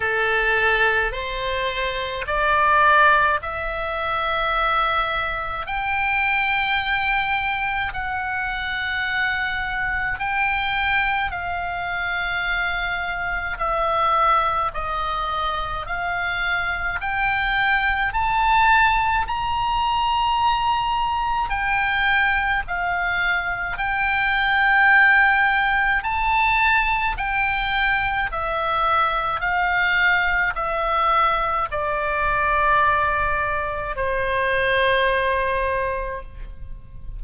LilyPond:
\new Staff \with { instrumentName = "oboe" } { \time 4/4 \tempo 4 = 53 a'4 c''4 d''4 e''4~ | e''4 g''2 fis''4~ | fis''4 g''4 f''2 | e''4 dis''4 f''4 g''4 |
a''4 ais''2 g''4 | f''4 g''2 a''4 | g''4 e''4 f''4 e''4 | d''2 c''2 | }